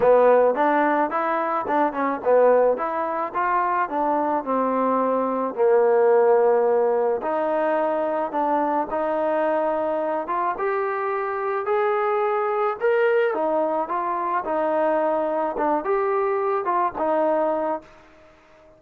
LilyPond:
\new Staff \with { instrumentName = "trombone" } { \time 4/4 \tempo 4 = 108 b4 d'4 e'4 d'8 cis'8 | b4 e'4 f'4 d'4 | c'2 ais2~ | ais4 dis'2 d'4 |
dis'2~ dis'8 f'8 g'4~ | g'4 gis'2 ais'4 | dis'4 f'4 dis'2 | d'8 g'4. f'8 dis'4. | }